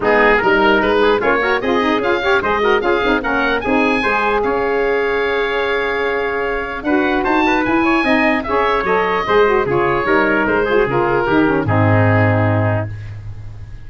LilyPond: <<
  \new Staff \with { instrumentName = "oboe" } { \time 4/4 \tempo 4 = 149 gis'4 ais'4 b'4 cis''4 | dis''4 f''4 dis''4 f''4 | fis''4 gis''2 f''4~ | f''1~ |
f''4 fis''4 a''4 gis''4~ | gis''4 e''4 dis''2 | cis''2 c''4 ais'4~ | ais'4 gis'2. | }
  \new Staff \with { instrumentName = "trumpet" } { \time 4/4 dis'4 ais'4. gis'8 f'8 ais'8 | gis'4. cis''8 c''8 ais'8 gis'4 | ais'4 gis'4 c''4 cis''4~ | cis''1~ |
cis''4 b'4 c''8 b'4 cis''8 | dis''4 cis''2 c''4 | gis'4 ais'4. gis'4. | g'4 dis'2. | }
  \new Staff \with { instrumentName = "saxophone" } { \time 4/4 b4 dis'2 cis'8 fis'8 | f'8 dis'8 f'8 g'8 gis'8 fis'8 f'8 dis'8 | cis'4 dis'4 gis'2~ | gis'1~ |
gis'4 fis'2 e'4 | dis'4 gis'4 a'4 gis'8 fis'8 | f'4 dis'4. f'16 fis'16 f'4 | dis'8 cis'8 c'2. | }
  \new Staff \with { instrumentName = "tuba" } { \time 4/4 gis4 g4 gis4 ais4 | c'4 cis'4 gis4 cis'8 c'8 | ais4 c'4 gis4 cis'4~ | cis'1~ |
cis'4 d'4 dis'4 e'4 | c'4 cis'4 fis4 gis4 | cis4 g4 gis4 cis4 | dis4 gis,2. | }
>>